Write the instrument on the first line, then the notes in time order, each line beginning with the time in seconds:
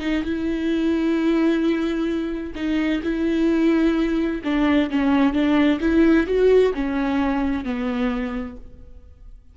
viola
0.00 D#4
0.23 E4
2.56 D#4
3.03 E4
4.44 D4
4.90 C#4
5.33 D4
5.81 E4
6.27 F#4
6.74 C#4
7.64 B3